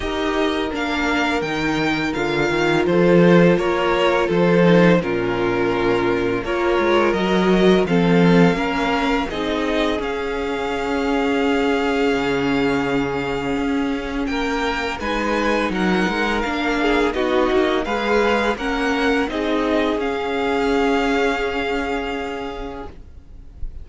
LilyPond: <<
  \new Staff \with { instrumentName = "violin" } { \time 4/4 \tempo 4 = 84 dis''4 f''4 g''4 f''4 | c''4 cis''4 c''4 ais'4~ | ais'4 cis''4 dis''4 f''4~ | f''4 dis''4 f''2~ |
f''1 | g''4 gis''4 fis''4 f''4 | dis''4 f''4 fis''4 dis''4 | f''1 | }
  \new Staff \with { instrumentName = "violin" } { \time 4/4 ais'1 | a'4 ais'4 a'4 f'4~ | f'4 ais'2 a'4 | ais'4 gis'2.~ |
gis'1 | ais'4 b'4 ais'4. gis'8 | fis'4 b'4 ais'4 gis'4~ | gis'1 | }
  \new Staff \with { instrumentName = "viola" } { \time 4/4 g'4 d'4 dis'4 f'4~ | f'2~ f'8 dis'8 cis'4~ | cis'4 f'4 fis'4 c'4 | cis'4 dis'4 cis'2~ |
cis'1~ | cis'4 dis'2 d'4 | dis'4 gis'4 cis'4 dis'4 | cis'1 | }
  \new Staff \with { instrumentName = "cello" } { \time 4/4 dis'4 ais4 dis4 d8 dis8 | f4 ais4 f4 ais,4~ | ais,4 ais8 gis8 fis4 f4 | ais4 c'4 cis'2~ |
cis'4 cis2 cis'4 | ais4 gis4 fis8 gis8 ais4 | b8 ais8 gis4 ais4 c'4 | cis'1 | }
>>